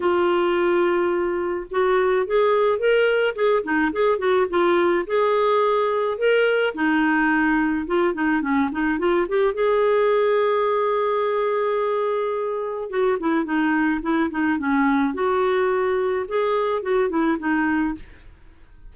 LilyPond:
\new Staff \with { instrumentName = "clarinet" } { \time 4/4 \tempo 4 = 107 f'2. fis'4 | gis'4 ais'4 gis'8 dis'8 gis'8 fis'8 | f'4 gis'2 ais'4 | dis'2 f'8 dis'8 cis'8 dis'8 |
f'8 g'8 gis'2.~ | gis'2. fis'8 e'8 | dis'4 e'8 dis'8 cis'4 fis'4~ | fis'4 gis'4 fis'8 e'8 dis'4 | }